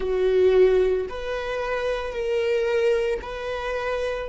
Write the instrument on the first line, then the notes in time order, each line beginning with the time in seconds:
viola
0.00 F#4
1.09 B4
2.12 A#4
3.21 B4